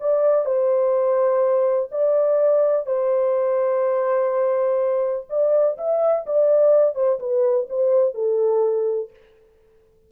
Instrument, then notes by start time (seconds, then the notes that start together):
horn
0.00 D5
0.45 C5
1.91 D5
2.86 C5
5.30 D5
5.78 E5
6.26 D5
6.95 C5
7.19 B4
7.70 C5
8.14 A4